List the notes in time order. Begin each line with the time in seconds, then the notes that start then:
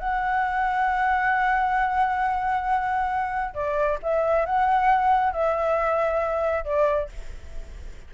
0.00 F#5
3.55 D5
4.03 E5
4.46 F#5
5.33 E5
6.65 D5